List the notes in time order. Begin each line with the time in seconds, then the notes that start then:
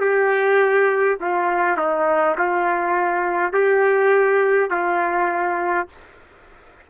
0.00 G4
1.20 F4
1.77 D#4
2.37 F4
3.53 G4
4.70 F4